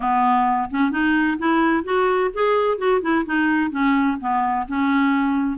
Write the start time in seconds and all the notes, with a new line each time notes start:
0.00 B3
0.70 C#4
0.91 D#4
1.38 E4
1.84 F#4
2.33 G#4
2.78 F#4
3.01 E4
3.25 D#4
3.71 C#4
4.20 B3
4.67 C#4